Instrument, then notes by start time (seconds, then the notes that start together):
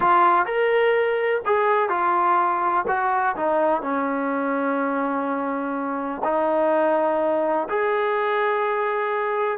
trombone
0.00 F4
0.45 A#4
1.45 G#4
1.89 F4
2.87 F#4
3.36 D#4
3.82 C#4
6.24 D#4
7.69 G#4